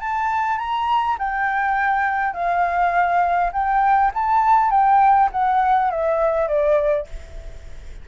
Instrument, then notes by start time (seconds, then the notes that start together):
flute
0.00 A5
0.58 A#5
1.19 G5
2.33 F5
3.52 G5
4.14 A5
4.71 G5
5.32 F#5
5.90 E5
6.48 D5